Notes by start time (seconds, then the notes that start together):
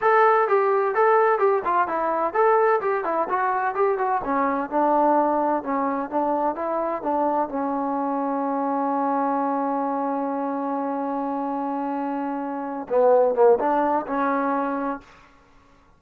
0.01 A4
0.48 G4
0.94 A4
1.38 G4
1.64 F4
1.87 E4
2.33 A4
2.80 G4
3.04 E4
3.29 F#4
3.74 G4
3.98 F#4
4.24 C#4
4.70 D4
5.63 C#4
6.10 D4
6.55 E4
7.02 D4
7.48 C#4
12.89 B3
13.35 A#3
13.59 D4
14.06 C#4